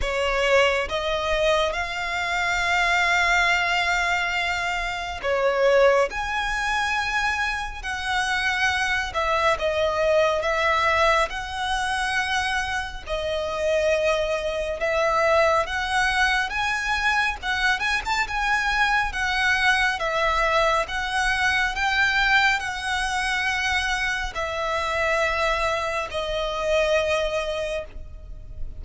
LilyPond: \new Staff \with { instrumentName = "violin" } { \time 4/4 \tempo 4 = 69 cis''4 dis''4 f''2~ | f''2 cis''4 gis''4~ | gis''4 fis''4. e''8 dis''4 | e''4 fis''2 dis''4~ |
dis''4 e''4 fis''4 gis''4 | fis''8 gis''16 a''16 gis''4 fis''4 e''4 | fis''4 g''4 fis''2 | e''2 dis''2 | }